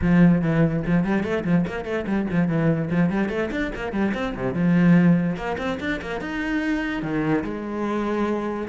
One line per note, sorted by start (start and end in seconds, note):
0.01 0.41 F3
0.41 0.83 E3
0.86 1.04 F3
1.04 1.23 G3
1.23 1.44 A3
1.44 1.65 F3
1.66 1.84 A#3
1.84 2.05 A3
2.06 2.27 G3
2.30 2.47 F3
2.47 2.89 E3
2.90 3.09 F3
3.09 3.29 G3
3.29 3.50 A3
3.51 3.71 D4
3.75 3.92 A#3
3.92 4.12 G3
4.14 4.34 C4
4.35 4.53 C3
4.53 5.36 F3
5.36 5.57 A#3
5.58 5.78 C4
5.79 6.00 D4
6.01 6.21 A#3
6.21 7.02 D#4
7.02 7.43 D#3
7.44 8.68 G#3